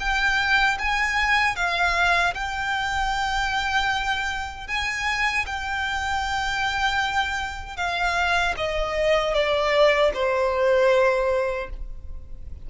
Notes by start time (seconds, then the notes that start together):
0.00 G5
0.78 G#5
1.56 F5
2.34 G5
4.68 G#5
5.46 G5
7.76 F5
8.57 D#5
9.34 D5
10.14 C5